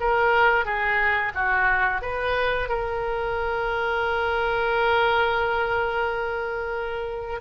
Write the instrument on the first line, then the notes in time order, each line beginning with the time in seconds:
oboe
0.00 A#4
0.65 G#4
1.35 F#4
2.02 B4
2.69 A#4